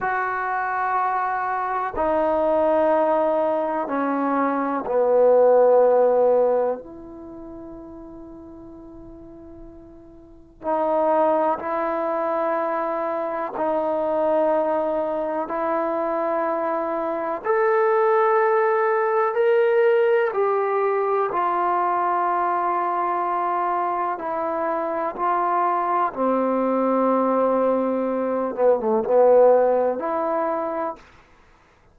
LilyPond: \new Staff \with { instrumentName = "trombone" } { \time 4/4 \tempo 4 = 62 fis'2 dis'2 | cis'4 b2 e'4~ | e'2. dis'4 | e'2 dis'2 |
e'2 a'2 | ais'4 g'4 f'2~ | f'4 e'4 f'4 c'4~ | c'4. b16 a16 b4 e'4 | }